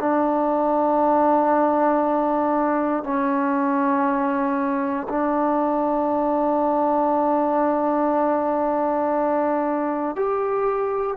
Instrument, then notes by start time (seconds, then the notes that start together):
trombone
0.00 D4
3.04 C#4
5.09 D4
10.16 G4